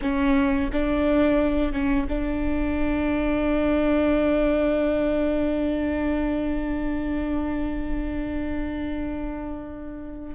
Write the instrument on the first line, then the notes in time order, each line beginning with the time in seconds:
viola
0.01 C#4
0.72 D4
1.72 C#4
2.08 D4